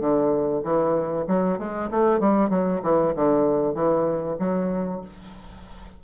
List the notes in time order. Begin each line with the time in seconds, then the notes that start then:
0.00 D3
0.64 E3
1.28 F#3
1.59 G#3
1.91 A3
2.20 G3
2.50 F#3
2.83 E3
3.16 D3
3.75 E3
4.39 F#3